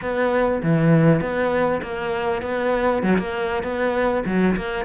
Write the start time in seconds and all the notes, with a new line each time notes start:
0.01 B3
0.63 E3
1.20 B3
1.82 A#3
2.42 B3
3.02 F#3
3.18 A#3
3.63 B3
4.25 F#3
4.56 A#3